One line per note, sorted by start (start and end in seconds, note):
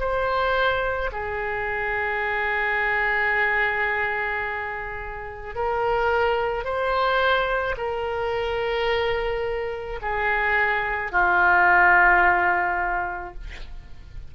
0.00 1.11 C5
1.13 5.56 G#4
5.56 6.65 A#4
6.65 7.76 C5
7.78 10.00 A#4
10.02 11.12 G#4
11.12 13.34 F4